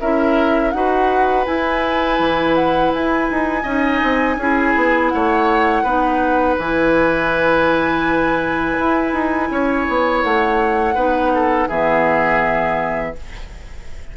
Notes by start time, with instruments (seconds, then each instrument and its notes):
0.00 bassoon C#4, clarinet E4, oboe A#4, flute E5
0.71 bassoon D#4, clarinet F#4, oboe B4, flute F#5
1.46 clarinet E4, bassoon E4, flute G#5
2.19 bassoon E3
2.55 flute F#5
2.93 bassoon E4, flute G#5
3.31 bassoon D#4
3.63 bassoon C#4, clarinet D#4, oboe D#5
4.03 bassoon C4
4.37 bassoon C#4, clarinet E4, oboe G#4
4.76 bassoon B3
5.09 bassoon A3, oboe C#5, flute F#5
5.83 bassoon B3, clarinet D#4, oboe B4
6.59 bassoon E3, clarinet E4, flute G#5
8.79 bassoon E4
9.13 bassoon D#4
9.50 bassoon C#4, oboe C#5
9.89 bassoon B3
10.23 bassoon A3, flute F#5
10.95 bassoon B3, clarinet D#4, oboe B4
11.35 oboe A4
11.69 bassoon E3, clarinet B3, oboe G#4, flute E5